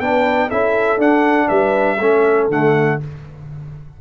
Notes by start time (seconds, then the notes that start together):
0.00 B3 D4 B4 G5
0.48 C#4 E4 A4 E5
0.97 D4 F#5
1.48 G3 B4 E5
1.98 A3 C#4 A4
2.49 D3 A3 F#5